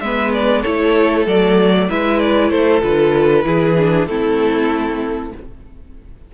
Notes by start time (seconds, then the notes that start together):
0.00 G#3 B3 B4 E5
0.33 D5
0.62 A3 E4 A4 C#5
1.27 F#3 A3 D5
1.89 G#3 E4 B4 E5
2.20 D5
2.50 A3 A4 C5
2.82 D3 F4 B4
3.43 E3 E4 G#4
3.78 D4
4.06 A3 C4 E4 A4